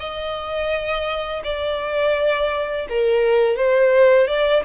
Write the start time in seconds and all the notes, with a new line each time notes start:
0.00 D#5
1.44 D5
2.90 A#4
3.57 C5
4.28 D5